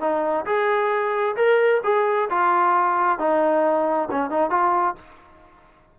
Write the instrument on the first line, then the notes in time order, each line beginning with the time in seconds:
trombone
0.00 D#4
0.45 G#4
1.36 A#4
1.84 G#4
2.30 F4
3.18 D#4
4.11 C#4
4.30 D#4
4.50 F4